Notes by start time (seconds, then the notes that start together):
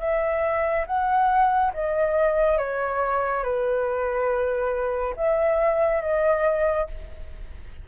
0.00 E5
0.86 F#5
1.74 D#5
2.58 C#5
3.44 B4
5.16 E5
6.02 D#5